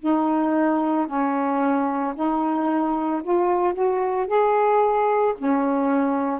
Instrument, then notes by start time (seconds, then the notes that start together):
saxophone
0.00 D#4
1.07 C#4
2.15 D#4
3.23 F4
3.74 F#4
4.27 G#4
5.38 C#4